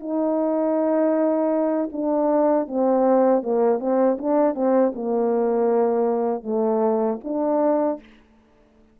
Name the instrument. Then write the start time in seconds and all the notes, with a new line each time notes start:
horn
0.00 D#4
1.92 D4
2.67 C4
3.42 A#3
3.80 C4
4.18 D4
4.55 C4
4.95 A#3
6.43 A3
7.24 D4